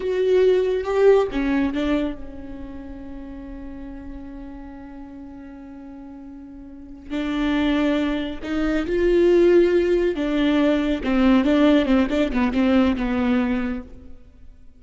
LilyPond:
\new Staff \with { instrumentName = "viola" } { \time 4/4 \tempo 4 = 139 fis'2 g'4 cis'4 | d'4 cis'2.~ | cis'1~ | cis'1~ |
cis'8 d'2. dis'8~ | dis'8 f'2. d'8~ | d'4. c'4 d'4 c'8 | d'8 b8 c'4 b2 | }